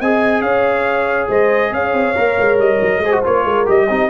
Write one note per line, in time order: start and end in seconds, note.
0.00 0.42 C4
0.00 2.16 G#4
0.00 0.43 D#5
0.00 0.42 G#5
0.42 1.28 C#4
0.42 1.29 C#5
0.42 1.29 F5
1.29 1.72 G#3
1.29 1.72 C5
1.29 1.74 D#5
1.72 1.93 C#4
1.72 3.04 C#5
1.72 2.60 F5
1.93 2.15 C4
2.16 2.39 A#3
2.16 3.02 A#4
2.40 2.59 G#3
2.59 2.80 G3
2.59 3.25 D#5
2.82 2.99 F#3
2.99 3.20 G#3
2.99 3.45 C5
3.05 3.13 G#4
3.13 3.24 F#4
3.24 3.45 A#3
3.24 3.66 F4
3.24 3.68 C#5
3.45 3.67 G#3
3.45 3.88 A#4
3.66 3.90 G3
3.66 3.88 G4
3.66 4.11 D#5
3.90 4.11 C4
3.90 4.11 D#4
3.90 4.11 G4